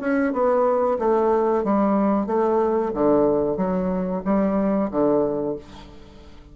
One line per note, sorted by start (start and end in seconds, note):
0.00 0.33 C#4
0.33 0.98 B3
0.99 1.64 A3
1.64 2.26 G3
2.26 2.91 A3
2.94 3.57 D3
3.57 4.22 F#3
4.25 4.90 G3
4.91 5.56 D3